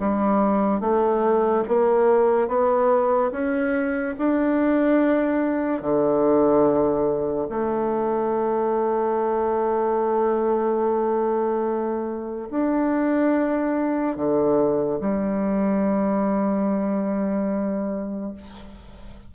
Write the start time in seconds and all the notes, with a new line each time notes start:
0.00 G3
0.81 A3
1.69 A#3
2.48 B3
3.32 C#4
4.19 D4
5.82 D3
7.50 A3
12.51 D4
14.17 D3
15.01 G3